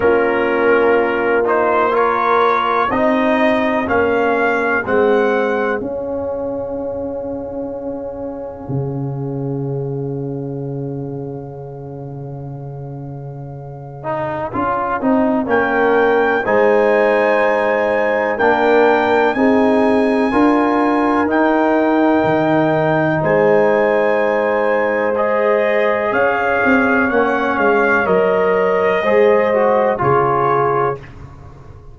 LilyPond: <<
  \new Staff \with { instrumentName = "trumpet" } { \time 4/4 \tempo 4 = 62 ais'4. c''8 cis''4 dis''4 | f''4 fis''4 f''2~ | f''1~ | f''1 |
g''4 gis''2 g''4 | gis''2 g''2 | gis''2 dis''4 f''4 | fis''8 f''8 dis''2 cis''4 | }
  \new Staff \with { instrumentName = "horn" } { \time 4/4 f'2 ais'4 gis'4~ | gis'1~ | gis'1~ | gis'1 |
ais'4 c''2 ais'4 | gis'4 ais'2. | c''2. cis''4~ | cis''2 c''4 gis'4 | }
  \new Staff \with { instrumentName = "trombone" } { \time 4/4 cis'4. dis'8 f'4 dis'4 | cis'4 c'4 cis'2~ | cis'1~ | cis'2~ cis'8 dis'8 f'8 dis'8 |
cis'4 dis'2 d'4 | dis'4 f'4 dis'2~ | dis'2 gis'2 | cis'4 ais'4 gis'8 fis'8 f'4 | }
  \new Staff \with { instrumentName = "tuba" } { \time 4/4 ais2. c'4 | ais4 gis4 cis'2~ | cis'4 cis2.~ | cis2. cis'8 c'8 |
ais4 gis2 ais4 | c'4 d'4 dis'4 dis4 | gis2. cis'8 c'8 | ais8 gis8 fis4 gis4 cis4 | }
>>